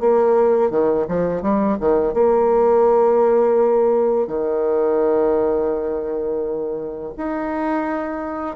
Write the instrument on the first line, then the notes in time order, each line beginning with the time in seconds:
bassoon
0.00 A#3
0.70 D#3
1.08 F3
1.42 G3
1.80 D#3
2.14 A#3
4.27 D#3
7.17 D#4